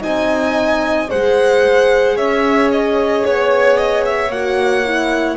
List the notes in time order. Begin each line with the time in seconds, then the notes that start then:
0.00 C4 D#4 D#5 G#5
1.09 G#3 G#4 C5 F#5
2.16 C#4 C#5 E5
2.72 D#5
3.25 B3 C#5
3.77 D#5
4.06 E5
4.30 A#3 F#4 F#5
4.85 E4